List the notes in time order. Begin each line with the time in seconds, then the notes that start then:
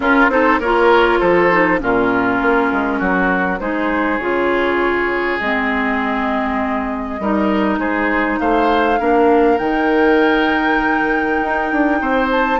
0.00 C#4 F4 A#4
0.28 C4 D#4 A4 C5
0.59 A#3 F4 A#4 C#5
1.19 F3 A4 C5
1.51 D#4
1.79 A#2 C#4 F4 A#4
2.41 A#3
2.72 G#3
2.98 F#3 F#4
3.59 G#3 D#4 G#4 C5
4.18 C#3 F4 C#5
5.39 G#3 C4 D#5
7.19 G3 D#4 A#4
7.78 G#3 G#4 C5
8.39 A3 C5 F5
8.98 A#3 D4 A#4
9.58 D#3 D#4 G5
11.42 D#4
11.71 D4
12.01 C4 C5
12.31 A5